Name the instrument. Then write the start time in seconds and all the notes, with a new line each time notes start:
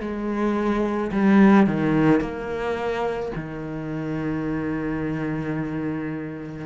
cello
0.00 G#3
1.11 G3
1.66 D#3
2.20 A#3
3.35 D#3